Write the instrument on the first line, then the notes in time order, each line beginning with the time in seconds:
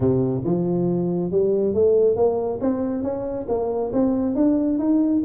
tuba
0.00 C3
0.44 F3
1.31 G3
1.74 A3
2.15 A#3
2.60 C4
3.03 C#4
3.48 A#3
3.92 C4
4.35 D4
4.78 D#4